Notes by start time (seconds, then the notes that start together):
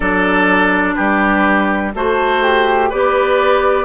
0.00 F#3 D4 A4 D5
0.94 G3 G4 B4
1.94 A3 F#4 A4 C5
2.42 G4
2.89 B3 G4 B4 D5